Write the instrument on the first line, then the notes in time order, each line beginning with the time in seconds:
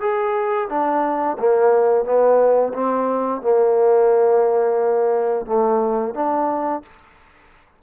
trombone
0.00 G#4
0.68 D4
1.38 A#3
2.04 B3
2.73 C4
3.41 A#3
5.46 A3
6.14 D4